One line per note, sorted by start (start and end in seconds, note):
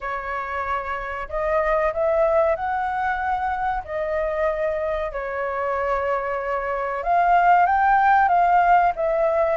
0.01 1.28 C#5
1.29 1.92 D#5
1.93 2.55 E5
2.55 3.83 F#5
3.84 5.12 D#5
5.12 7.03 C#5
7.03 7.66 F5
7.66 8.28 G5
8.28 8.92 F5
8.95 9.57 E5